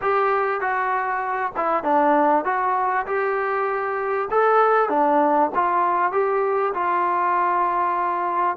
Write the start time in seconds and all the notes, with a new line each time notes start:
0.01 G4
0.60 F#4
1.56 E4
1.83 D4
2.44 F#4
3.06 G4
4.30 A4
4.89 D4
5.54 F4
6.12 G4
6.73 F4